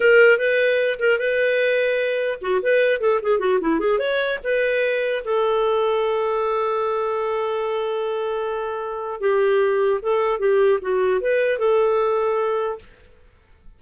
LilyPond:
\new Staff \with { instrumentName = "clarinet" } { \time 4/4 \tempo 4 = 150 ais'4 b'4. ais'8 b'4~ | b'2 fis'8 b'4 a'8 | gis'8 fis'8 e'8 gis'8 cis''4 b'4~ | b'4 a'2.~ |
a'1~ | a'2. g'4~ | g'4 a'4 g'4 fis'4 | b'4 a'2. | }